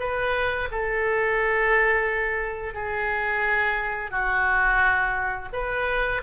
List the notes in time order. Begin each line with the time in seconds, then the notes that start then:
0.00 B4
0.71 A4
2.74 G#4
4.11 F#4
5.53 B4